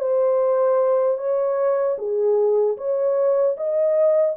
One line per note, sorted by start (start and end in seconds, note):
0.00 1.18 C5
1.18 1.97 C#5
1.98 2.77 G#4
2.78 3.57 C#5
3.57 4.36 D#5